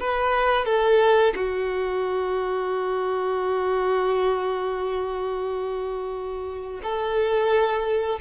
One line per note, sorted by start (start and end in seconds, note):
0.00 0.66 B4
0.66 1.34 A4
1.36 6.81 F#4
6.83 8.20 A4